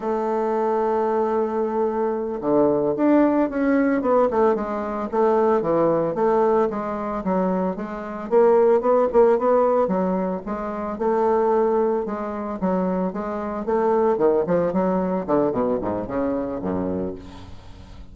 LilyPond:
\new Staff \with { instrumentName = "bassoon" } { \time 4/4 \tempo 4 = 112 a1~ | a8 d4 d'4 cis'4 b8 | a8 gis4 a4 e4 a8~ | a8 gis4 fis4 gis4 ais8~ |
ais8 b8 ais8 b4 fis4 gis8~ | gis8 a2 gis4 fis8~ | fis8 gis4 a4 dis8 f8 fis8~ | fis8 d8 b,8 gis,8 cis4 fis,4 | }